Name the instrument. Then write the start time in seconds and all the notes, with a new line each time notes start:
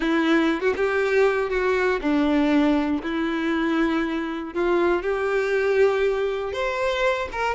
violin
0.00 E4
0.61 F#4
0.76 G4
1.50 F#4
2.01 D4
3.02 E4
4.54 F4
5.02 G4
6.52 C5
7.31 A#4